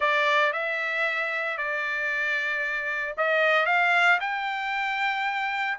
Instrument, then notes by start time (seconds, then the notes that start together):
trumpet
0.00 D5
0.53 E5
1.57 D5
3.17 D#5
3.66 F5
4.20 G5